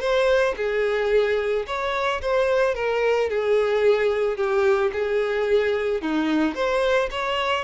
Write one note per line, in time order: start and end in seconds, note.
0.00 0.55 C5
0.57 1.66 G#4
1.66 2.21 C#5
2.21 2.75 C5
2.75 3.29 A#4
3.29 4.36 G#4
4.36 4.91 G4
4.92 6.01 G#4
6.01 6.55 D#4
6.55 7.09 C5
7.11 7.64 C#5